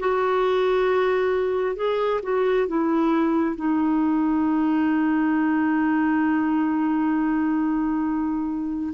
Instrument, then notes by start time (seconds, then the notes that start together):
clarinet
0.00 F#4
1.76 G#4
2.23 F#4
2.68 E4
3.56 D#4